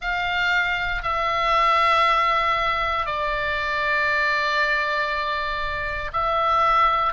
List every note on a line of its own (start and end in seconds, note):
0.01 1.02 F5
1.02 3.06 E5
3.06 6.11 D5
6.12 7.13 E5